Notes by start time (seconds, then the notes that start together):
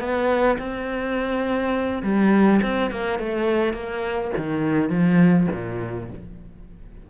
0.00 B3
0.59 C4
2.03 G3
2.62 C4
2.91 A#3
3.19 A3
3.74 A#3
4.37 D#3
4.90 F3
5.53 A#2